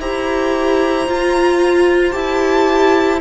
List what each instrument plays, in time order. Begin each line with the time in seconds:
0.00 cello E4, viola G4, violin C5 A#5
1.07 viola F4, cello F4
2.11 cello E4, viola G4, violin A5